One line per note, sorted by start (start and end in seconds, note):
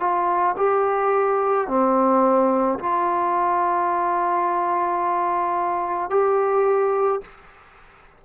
0.00 0.56 F4
0.57 1.67 G4
1.67 2.78 C4
2.79 6.10 F4
6.10 7.21 G4